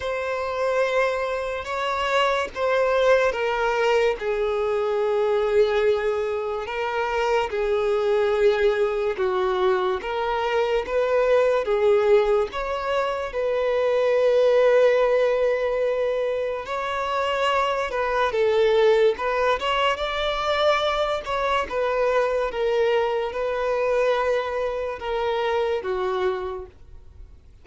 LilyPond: \new Staff \with { instrumentName = "violin" } { \time 4/4 \tempo 4 = 72 c''2 cis''4 c''4 | ais'4 gis'2. | ais'4 gis'2 fis'4 | ais'4 b'4 gis'4 cis''4 |
b'1 | cis''4. b'8 a'4 b'8 cis''8 | d''4. cis''8 b'4 ais'4 | b'2 ais'4 fis'4 | }